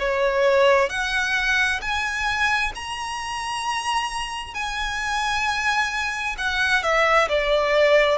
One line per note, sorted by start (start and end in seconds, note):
0.00 0.90 C#5
0.90 1.81 F#5
1.82 2.73 G#5
2.76 4.55 A#5
4.55 6.36 G#5
6.38 6.83 F#5
6.83 7.29 E5
7.29 8.19 D5